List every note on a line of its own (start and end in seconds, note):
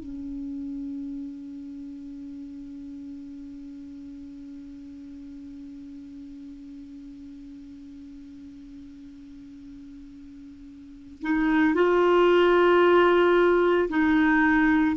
0.00 11.22 C#4
11.22 11.75 D#4
11.75 13.89 F4
13.90 14.97 D#4